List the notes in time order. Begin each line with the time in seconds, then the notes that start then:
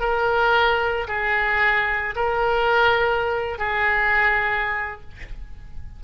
0.00 A#4
1.07 G#4
2.15 A#4
3.58 G#4